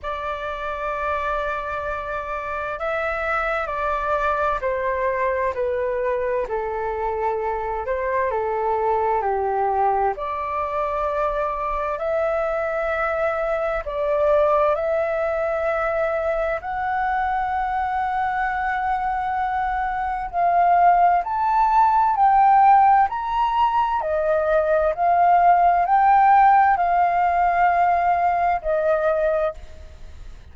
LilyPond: \new Staff \with { instrumentName = "flute" } { \time 4/4 \tempo 4 = 65 d''2. e''4 | d''4 c''4 b'4 a'4~ | a'8 c''8 a'4 g'4 d''4~ | d''4 e''2 d''4 |
e''2 fis''2~ | fis''2 f''4 a''4 | g''4 ais''4 dis''4 f''4 | g''4 f''2 dis''4 | }